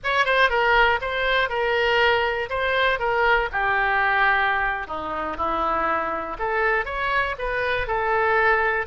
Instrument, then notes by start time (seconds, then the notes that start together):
oboe
0.03 C#5
0.25 C5
0.49 A#4
1.01 C5
1.49 A#4
2.49 C5
2.99 A#4
3.51 G4
4.87 D#4
5.37 E4
6.38 A4
6.85 C#5
7.38 B4
7.87 A4